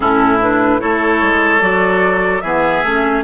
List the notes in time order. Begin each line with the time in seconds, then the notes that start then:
0.00 A2 C#4 E4 A4
0.40 D4 B4
0.79 A3 E4 A4 C#5
1.22 G#3
1.60 F#3 F#4 D5
2.41 E3 B3 G#4 E5
2.83 A3 C#4